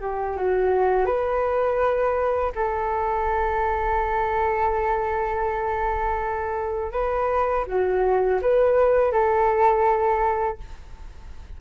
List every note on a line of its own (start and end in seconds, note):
0.00 0.37 G4
0.37 1.05 F#4
1.05 2.52 B4
2.55 6.92 A4
6.92 7.65 B4
7.67 8.40 F#4
8.41 9.12 B4
9.12 10.58 A4